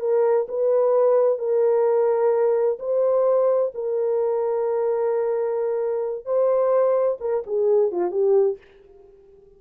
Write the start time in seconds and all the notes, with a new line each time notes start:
0.00 A#4
0.48 B4
1.38 A#4
2.79 C5
3.74 A#4
6.25 C5
7.20 A#4
7.46 G#4
7.92 F4
8.11 G4